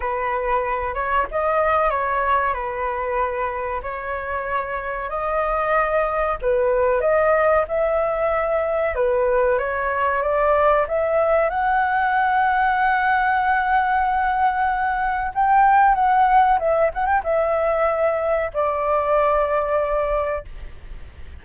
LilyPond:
\new Staff \with { instrumentName = "flute" } { \time 4/4 \tempo 4 = 94 b'4. cis''8 dis''4 cis''4 | b'2 cis''2 | dis''2 b'4 dis''4 | e''2 b'4 cis''4 |
d''4 e''4 fis''2~ | fis''1 | g''4 fis''4 e''8 fis''16 g''16 e''4~ | e''4 d''2. | }